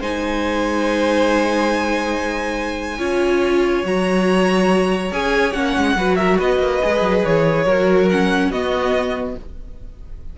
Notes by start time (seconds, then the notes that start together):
0.00 G#3 D#4 C5 G#5
2.98 C#4 F4 C#5
3.84 F#3 F#4 A#5
5.12 C#4 G#4 G#5
5.53 A#3 C#4 F#5
5.77 G#3
5.96 F#3 F#4 B4
6.16 A#4 E5
6.38 B3 B4 D#5
6.59 A#3
6.82 G#3 G#4
7.01 F#3
7.25 E3 C#5
7.65 F#3 F#4 A#4
8.09 C#4 F#5
8.50 B3 F#4 D#5